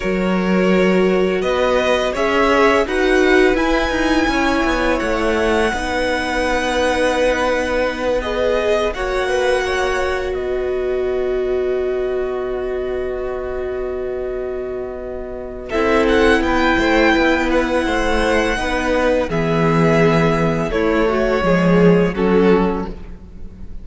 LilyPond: <<
  \new Staff \with { instrumentName = "violin" } { \time 4/4 \tempo 4 = 84 cis''2 dis''4 e''4 | fis''4 gis''2 fis''4~ | fis''2.~ fis''8 dis''8~ | dis''8 fis''2 dis''4.~ |
dis''1~ | dis''2 e''8 fis''8 g''4~ | g''8 fis''2~ fis''8 e''4~ | e''4 cis''2 a'4 | }
  \new Staff \with { instrumentName = "violin" } { \time 4/4 ais'2 b'4 cis''4 | b'2 cis''2 | b'1~ | b'8 cis''8 b'8 cis''4 b'4.~ |
b'1~ | b'2 a'4 b'8 c''8 | b'4 c''4 b'4 gis'4~ | gis'4 e'8 fis'8 gis'4 fis'4 | }
  \new Staff \with { instrumentName = "viola" } { \time 4/4 fis'2. gis'4 | fis'4 e'2. | dis'2.~ dis'8 gis'8~ | gis'8 fis'2.~ fis'8~ |
fis'1~ | fis'2 e'2~ | e'2 dis'4 b4~ | b4 a4 gis4 cis'4 | }
  \new Staff \with { instrumentName = "cello" } { \time 4/4 fis2 b4 cis'4 | dis'4 e'8 dis'8 cis'8 b8 a4 | b1~ | b8 ais2 b4.~ |
b1~ | b2 c'4 b8 a8 | b4 a4 b4 e4~ | e4 a4 f4 fis4 | }
>>